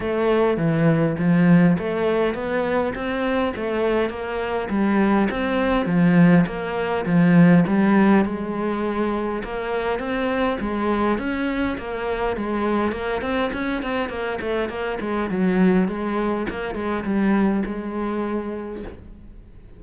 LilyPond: \new Staff \with { instrumentName = "cello" } { \time 4/4 \tempo 4 = 102 a4 e4 f4 a4 | b4 c'4 a4 ais4 | g4 c'4 f4 ais4 | f4 g4 gis2 |
ais4 c'4 gis4 cis'4 | ais4 gis4 ais8 c'8 cis'8 c'8 | ais8 a8 ais8 gis8 fis4 gis4 | ais8 gis8 g4 gis2 | }